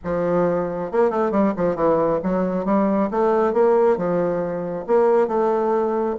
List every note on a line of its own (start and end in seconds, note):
0.04 0.91 F3
0.91 1.10 A#3
1.10 1.31 A3
1.31 1.53 G3
1.56 1.75 F3
1.75 2.19 E3
2.23 2.65 F#3
2.65 3.09 G3
3.10 3.53 A3
3.53 3.97 A#3
3.97 4.85 F3
4.86 5.27 A#3
5.27 6.15 A3